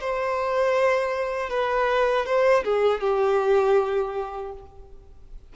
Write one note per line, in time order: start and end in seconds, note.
0.00 1.50 C5
1.50 2.26 B4
2.26 2.64 C5
2.64 3.01 G#4
3.01 4.53 G4